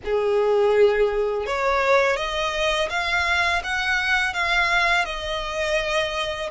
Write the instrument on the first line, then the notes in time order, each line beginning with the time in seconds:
violin
0.04 G#4
1.46 C#5
2.16 D#5
2.89 F5
3.63 F#5
4.33 F5
5.05 D#5